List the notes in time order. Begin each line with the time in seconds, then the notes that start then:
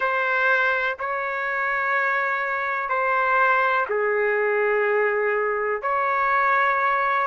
0.00 C5
0.99 C#5
2.89 C5
3.89 G#4
5.82 C#5